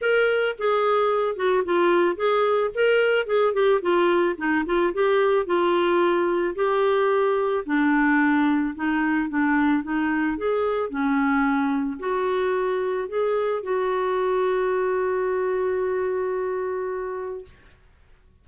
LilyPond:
\new Staff \with { instrumentName = "clarinet" } { \time 4/4 \tempo 4 = 110 ais'4 gis'4. fis'8 f'4 | gis'4 ais'4 gis'8 g'8 f'4 | dis'8 f'8 g'4 f'2 | g'2 d'2 |
dis'4 d'4 dis'4 gis'4 | cis'2 fis'2 | gis'4 fis'2.~ | fis'1 | }